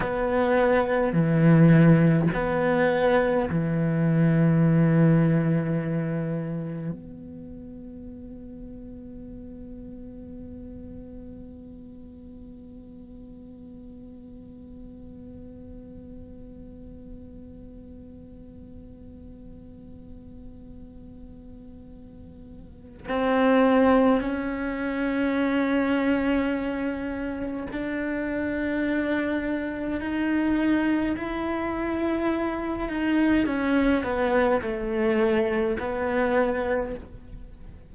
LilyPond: \new Staff \with { instrumentName = "cello" } { \time 4/4 \tempo 4 = 52 b4 e4 b4 e4~ | e2 b2~ | b1~ | b1~ |
b1 | c'4 cis'2. | d'2 dis'4 e'4~ | e'8 dis'8 cis'8 b8 a4 b4 | }